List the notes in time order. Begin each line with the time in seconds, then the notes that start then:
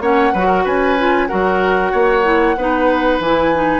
0.00 A#3 C#4 C#5 F#5
0.32 F#3 F#4 B4
0.46 A#4
0.64 C#4 B4 G#5
0.98 F4
1.27 F#3 F#4 A#4 F#5
1.92 A#3 C#5
2.23 E4
2.56 B3 D#4 B4
3.19 E3 E4 G#5
3.54 D#4